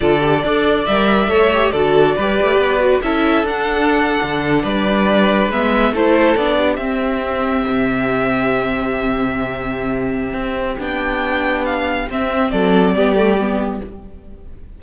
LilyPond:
<<
  \new Staff \with { instrumentName = "violin" } { \time 4/4 \tempo 4 = 139 d''2 e''2 | d''2. e''4 | fis''2~ fis''8. d''4~ d''16~ | d''8. e''4 c''4 d''4 e''16~ |
e''1~ | e''1~ | e''4 g''2 f''4 | e''4 d''2. | }
  \new Staff \with { instrumentName = "violin" } { \time 4/4 a'4 d''2 cis''4 | a'4 b'2 a'4~ | a'2~ a'8. b'4~ b'16~ | b'4.~ b'16 a'4. g'8.~ |
g'1~ | g'1~ | g'1~ | g'4 a'4 g'2 | }
  \new Staff \with { instrumentName = "viola" } { \time 4/4 f'8 g'8 a'4 ais'4 a'8 g'8 | fis'4 g'4. fis'8 e'4 | d'1~ | d'8. b4 e'4 d'4 c'16~ |
c'1~ | c'1~ | c'4 d'2. | c'2 b8 a8 b4 | }
  \new Staff \with { instrumentName = "cello" } { \time 4/4 d4 d'4 g4 a4 | d4 g8 a8 b4 cis'4 | d'4.~ d'16 d4 g4~ g16~ | g8. gis4 a4 b4 c'16~ |
c'4.~ c'16 c2~ c16~ | c1 | c'4 b2. | c'4 fis4 g2 | }
>>